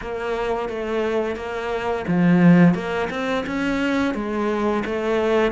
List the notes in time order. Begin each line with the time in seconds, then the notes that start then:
0.01 A#3
0.68 A3
1.36 A#3
2.07 F3
2.74 A#3
3.10 C4
3.46 C#4
4.14 G#3
4.85 A3